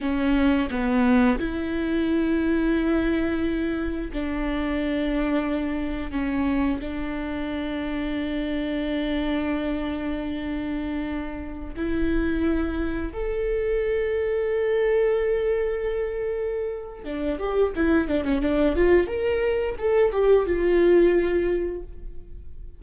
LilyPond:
\new Staff \with { instrumentName = "viola" } { \time 4/4 \tempo 4 = 88 cis'4 b4 e'2~ | e'2 d'2~ | d'4 cis'4 d'2~ | d'1~ |
d'4~ d'16 e'2 a'8.~ | a'1~ | a'4 d'8 g'8 e'8 d'16 cis'16 d'8 f'8 | ais'4 a'8 g'8 f'2 | }